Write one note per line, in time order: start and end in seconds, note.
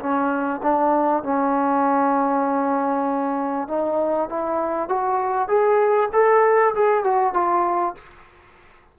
0.00 0.61 C#4
0.63 1.24 D4
1.24 3.68 C#4
3.68 4.30 D#4
4.30 4.89 E4
4.89 5.49 F#4
5.49 6.10 G#4
6.13 6.74 A4
6.75 7.04 G#4
7.04 7.34 F#4
7.34 7.95 F4